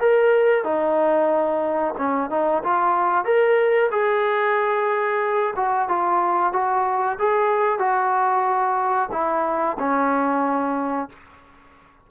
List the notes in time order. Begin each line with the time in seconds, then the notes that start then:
0.00 A#4
0.64 D#4
1.98 C#4
2.30 D#4
2.64 F4
3.25 A#4
3.91 G#4
5.56 F#4
5.89 F4
6.53 F#4
7.19 G#4
7.79 F#4
9.12 E4
9.79 C#4